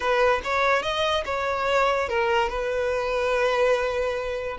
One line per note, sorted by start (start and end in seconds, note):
0.00 0.41 B4
0.43 0.82 C#5
0.82 1.24 D#5
1.25 2.08 C#5
2.09 2.49 A#4
2.49 4.57 B4